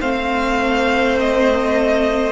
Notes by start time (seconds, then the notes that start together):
0.00 A3 C4 C5 F5
1.19 D#5